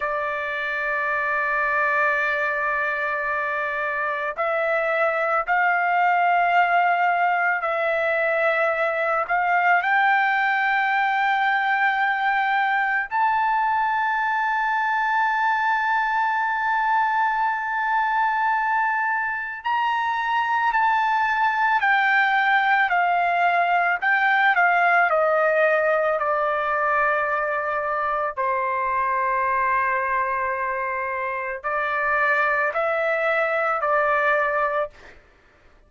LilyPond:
\new Staff \with { instrumentName = "trumpet" } { \time 4/4 \tempo 4 = 55 d''1 | e''4 f''2 e''4~ | e''8 f''8 g''2. | a''1~ |
a''2 ais''4 a''4 | g''4 f''4 g''8 f''8 dis''4 | d''2 c''2~ | c''4 d''4 e''4 d''4 | }